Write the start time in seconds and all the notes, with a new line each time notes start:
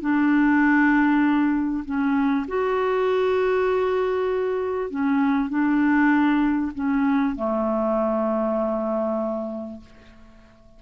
0.00 D4
1.85 C#4
2.47 F#4
4.90 C#4
5.49 D4
6.74 C#4
7.35 A3